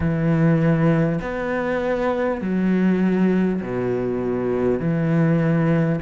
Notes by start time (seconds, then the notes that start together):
0.00 E3
1.21 B3
2.41 F#3
3.61 B2
4.79 E3